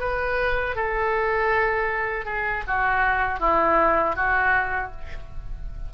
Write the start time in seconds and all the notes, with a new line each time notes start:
0.00 B4
0.76 A4
2.25 G#4
2.68 F#4
3.40 E4
4.16 F#4